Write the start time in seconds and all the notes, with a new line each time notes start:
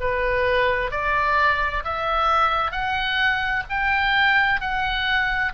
0.00 B4
0.91 D5
1.84 E5
2.71 F#5
3.69 G5
4.60 F#5